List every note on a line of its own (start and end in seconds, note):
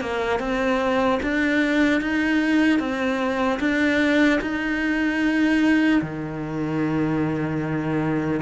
0.00 0.39 A#3
0.39 1.19 C4
1.22 2.01 D4
2.01 2.79 D#4
2.79 3.59 C4
3.60 4.40 D4
4.41 6.01 D#4
6.01 8.41 D#3